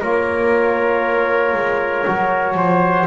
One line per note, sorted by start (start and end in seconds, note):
0.00 1.53 A#3
0.00 2.06 F4
0.00 2.54 A#4
0.00 3.06 C#5
1.53 2.04 G#3
2.06 2.54 F#3
2.06 3.06 F#4
2.54 3.05 F3
2.54 3.06 C5